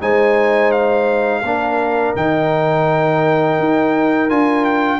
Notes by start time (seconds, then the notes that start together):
0.00 G#3 D#4 C5 G#5
0.71 F5
1.42 A#3 D4 A#4
2.16 D#3 D#4 G5
3.58 D#4
4.29 D4 F4 G#5
4.65 G5